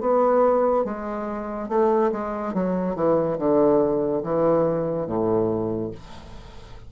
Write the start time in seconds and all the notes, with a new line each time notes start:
0.00 B3
0.85 G#3
1.69 A3
2.12 G#3
2.54 F#3
2.95 E3
3.38 D3
4.23 E3
5.06 A2